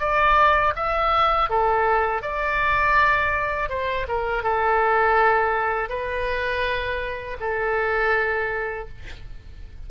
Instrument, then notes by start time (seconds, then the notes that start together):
oboe
0.00 D5
0.76 E5
1.50 A4
2.23 D5
3.70 C5
4.08 A#4
4.44 A4
5.90 B4
7.41 A4